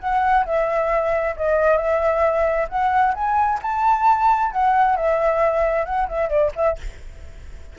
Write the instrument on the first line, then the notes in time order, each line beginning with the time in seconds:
flute
0.00 F#5
0.46 E5
1.37 D#5
1.78 E5
2.69 F#5
3.15 G#5
3.63 A5
4.52 F#5
4.97 E5
5.86 F#5
6.09 E5
6.30 D5
6.56 E5